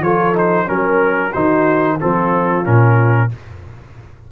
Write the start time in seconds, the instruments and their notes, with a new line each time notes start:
0.00 tuba F3, trombone F4, horn A4, trumpet C#5
0.34 trombone D#4, trumpet C5
0.66 tuba F#3, trombone C#4, trumpet A#4
0.73 horn A#4
1.31 tuba D#3, trombone D#4, horn F#4, trumpet C5
2.00 tuba F3, trombone C4, horn F4, trumpet A4
2.64 tuba A#2, trombone C#4, trumpet A#4